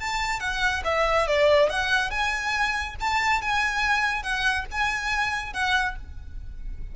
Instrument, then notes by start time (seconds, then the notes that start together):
violin
0.00 A5
0.40 F#5
0.85 E5
1.27 D5
1.69 F#5
2.10 G#5
3.00 A5
3.41 G#5
4.23 F#5
4.71 G#5
5.53 F#5